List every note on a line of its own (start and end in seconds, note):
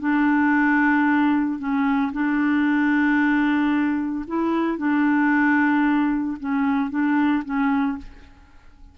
0.00 1.59 D4
1.59 2.12 C#4
2.13 4.25 D4
4.28 4.78 E4
4.78 6.37 D4
6.40 6.91 C#4
6.91 7.44 D4
7.45 7.98 C#4